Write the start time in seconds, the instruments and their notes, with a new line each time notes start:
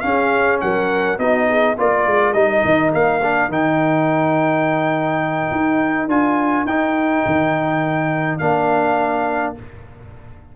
0.00 trombone C#4, tuba C#4, horn G#4, trumpet F5
0.60 tuba F#3, horn A#4, trumpet F#5
1.18 tuba B3, trombone D#4, horn F#4, trumpet D#5
1.49 horn G#4
1.76 tuba A#3, trombone F4, horn A#4, trumpet D5
2.06 tuba G#3
2.33 tuba G3, trombone D#4, trumpet D#5
2.64 tuba D#3
2.93 tuba A#3, trumpet F5
3.22 trombone D4
3.48 tuba D#3, trombone D#4, trumpet G5
5.51 tuba D#4
6.08 tuba D4, trombone F4, trumpet G#5
6.65 tuba D#4, trombone D#4, trumpet G5
7.25 tuba D#3
8.38 tuba A#3, trombone D4, trumpet F5